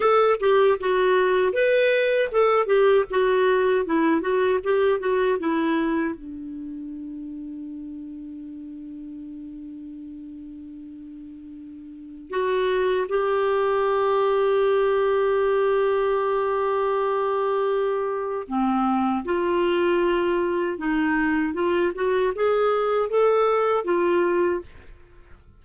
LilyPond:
\new Staff \with { instrumentName = "clarinet" } { \time 4/4 \tempo 4 = 78 a'8 g'8 fis'4 b'4 a'8 g'8 | fis'4 e'8 fis'8 g'8 fis'8 e'4 | d'1~ | d'1 |
fis'4 g'2.~ | g'1 | c'4 f'2 dis'4 | f'8 fis'8 gis'4 a'4 f'4 | }